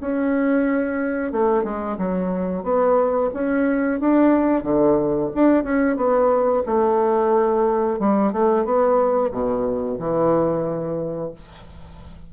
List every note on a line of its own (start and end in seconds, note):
0.00 1.32 C#4
1.32 1.63 A3
1.63 1.97 G#3
1.98 2.63 F#3
2.63 3.30 B3
3.33 4.00 C#4
4.00 4.63 D4
4.63 5.30 D3
5.34 5.63 D4
5.63 5.96 C#4
5.96 6.63 B3
6.66 7.99 A3
7.99 8.32 G3
8.32 8.65 A3
8.65 9.31 B3
9.32 9.98 B2
9.98 11.32 E3